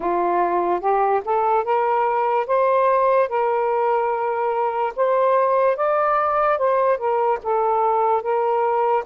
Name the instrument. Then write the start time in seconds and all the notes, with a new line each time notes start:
saxophone
0.00 F4
0.80 G4
1.24 A4
1.64 A#4
2.47 C5
3.29 A#4
4.96 C5
5.76 D5
6.58 C5
6.97 A#4
7.43 A4
8.22 A#4